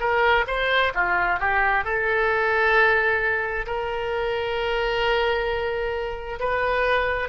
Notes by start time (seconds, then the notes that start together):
0.00 A#4
0.47 C5
0.94 F4
1.40 G4
1.84 A4
3.66 A#4
6.39 B4